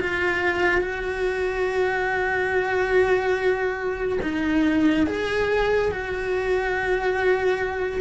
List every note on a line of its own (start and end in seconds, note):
0.00 0.81 F4
0.81 4.19 F#4
4.23 5.07 D#4
5.07 5.91 G#4
5.91 8.01 F#4